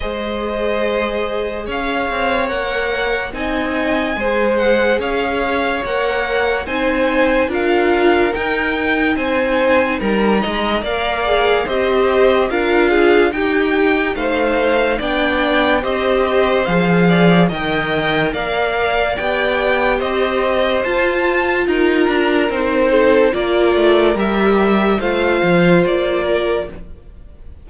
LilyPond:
<<
  \new Staff \with { instrumentName = "violin" } { \time 4/4 \tempo 4 = 72 dis''2 f''4 fis''4 | gis''4. fis''8 f''4 fis''4 | gis''4 f''4 g''4 gis''4 | ais''4 f''4 dis''4 f''4 |
g''4 f''4 g''4 dis''4 | f''4 g''4 f''4 g''4 | dis''4 a''4 ais''4 c''4 | d''4 e''4 f''4 d''4 | }
  \new Staff \with { instrumentName = "violin" } { \time 4/4 c''2 cis''2 | dis''4 c''4 cis''2 | c''4 ais'2 c''4 | ais'8 dis''8 d''4 c''4 ais'8 gis'8 |
g'4 c''4 d''4 c''4~ | c''8 d''8 dis''4 d''2 | c''2 ais'4. a'8 | ais'2 c''4. ais'8 | }
  \new Staff \with { instrumentName = "viola" } { \time 4/4 gis'2. ais'4 | dis'4 gis'2 ais'4 | dis'4 f'4 dis'2~ | dis'4 ais'8 gis'8 g'4 f'4 |
dis'2 d'4 g'4 | gis'4 ais'2 g'4~ | g'4 f'2 dis'4 | f'4 g'4 f'2 | }
  \new Staff \with { instrumentName = "cello" } { \time 4/4 gis2 cis'8 c'8 ais4 | c'4 gis4 cis'4 ais4 | c'4 d'4 dis'4 c'4 | g8 gis8 ais4 c'4 d'4 |
dis'4 a4 b4 c'4 | f4 dis4 ais4 b4 | c'4 f'4 dis'8 d'8 c'4 | ais8 a8 g4 a8 f8 ais4 | }
>>